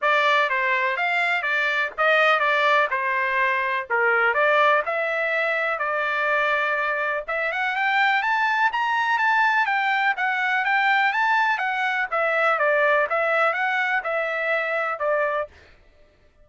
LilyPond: \new Staff \with { instrumentName = "trumpet" } { \time 4/4 \tempo 4 = 124 d''4 c''4 f''4 d''4 | dis''4 d''4 c''2 | ais'4 d''4 e''2 | d''2. e''8 fis''8 |
g''4 a''4 ais''4 a''4 | g''4 fis''4 g''4 a''4 | fis''4 e''4 d''4 e''4 | fis''4 e''2 d''4 | }